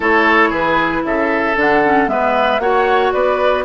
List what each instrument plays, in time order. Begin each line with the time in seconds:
0.00 bassoon A3, clarinet E4, oboe A4, flute C#5
0.49 bassoon E3, oboe G#4, flute B4
1.04 bassoon C#3, oboe A4, flute E5
1.56 bassoon D3, clarinet D4, flute F#5
1.84 clarinet C#4
2.06 bassoon G#3, clarinet B3, oboe B4, flute E5
2.59 bassoon A#3, clarinet F#4, oboe C#5, flute F#5
3.12 bassoon B3, oboe B4, flute D5